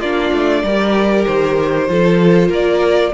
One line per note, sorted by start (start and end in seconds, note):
0.00 0.31 A#3
0.00 0.66 D4
0.00 0.62 F4
0.00 1.25 D5
0.33 0.63 A3
0.63 1.26 G3
0.63 1.88 G4
0.63 1.89 A#4
1.26 1.89 D#3
1.26 2.51 C5
1.88 2.50 F3
1.88 3.13 F4
1.88 2.48 A4
2.48 3.12 A#3
2.48 3.11 A#4
2.48 3.14 D5